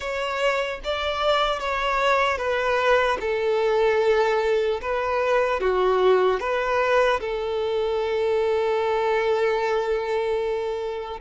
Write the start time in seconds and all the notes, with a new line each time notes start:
0.00 C#5
0.84 D5
1.59 C#5
2.37 B4
3.20 A4
4.81 B4
5.60 F#4
6.40 B4
7.20 A4